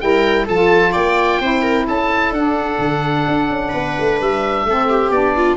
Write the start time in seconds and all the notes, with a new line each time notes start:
0.00 G3 E4 A#4 G5
0.45 F3 A4 A5
0.53 F4
0.92 A#3 D5 G5
1.40 C4 E4 C5
1.62 A#4
1.86 C#4 A4 A5
2.31 D4 F#5
2.78 D3
3.27 D4
3.49 C#4
3.69 B3 B4
3.99 A3
4.20 G3 E5
4.65 A3 C4 A4
4.89 G4
5.09 B3 D4 D5
5.36 F4